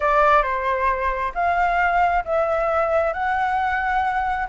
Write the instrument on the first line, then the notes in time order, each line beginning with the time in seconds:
flute
0.00 D5
0.43 C5
1.34 F5
2.24 E5
3.13 F#5